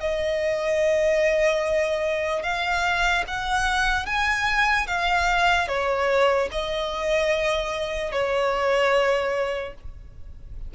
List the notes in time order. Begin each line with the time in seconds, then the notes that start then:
0.00 D#5
2.43 F5
3.28 F#5
4.06 G#5
4.87 F5
5.68 C#5
6.52 D#5
8.12 C#5